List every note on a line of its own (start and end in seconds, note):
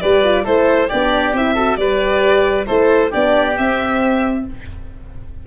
0.00 0.45 G3
0.00 0.24 G4
0.00 0.44 B4
0.00 0.44 D5
0.24 0.44 F4
0.44 0.90 A3
0.44 0.88 E4
0.44 0.88 A4
0.44 0.89 C5
0.88 1.32 B3
0.88 1.35 D4
0.88 1.54 G4
0.88 1.33 D5
1.32 1.76 C4
1.32 1.56 E4
1.32 1.76 E5
1.54 1.78 F#4
1.54 1.76 A4
1.76 2.65 G3
1.76 2.66 G4
1.76 2.66 B4
1.76 2.65 D5
2.66 3.13 A3
2.66 3.10 E4
2.66 3.10 A4
2.66 3.10 C5
3.10 3.58 B3
3.10 3.55 D4
3.10 4.43 G4
3.10 3.57 D5
3.56 4.45 C4
3.56 4.46 C4
3.56 4.46 E5